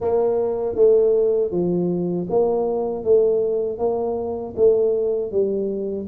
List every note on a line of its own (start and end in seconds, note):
0.00 0.75 A#3
0.75 1.51 A3
1.51 2.27 F3
2.29 3.04 A#3
3.04 3.78 A3
3.78 4.54 A#3
4.56 5.31 A3
5.31 6.07 G3